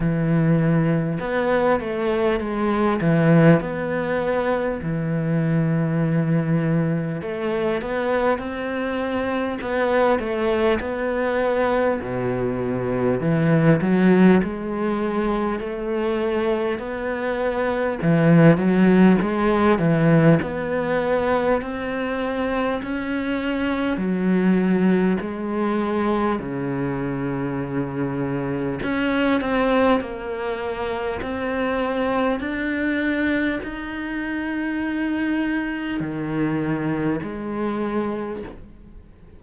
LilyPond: \new Staff \with { instrumentName = "cello" } { \time 4/4 \tempo 4 = 50 e4 b8 a8 gis8 e8 b4 | e2 a8 b8 c'4 | b8 a8 b4 b,4 e8 fis8 | gis4 a4 b4 e8 fis8 |
gis8 e8 b4 c'4 cis'4 | fis4 gis4 cis2 | cis'8 c'8 ais4 c'4 d'4 | dis'2 dis4 gis4 | }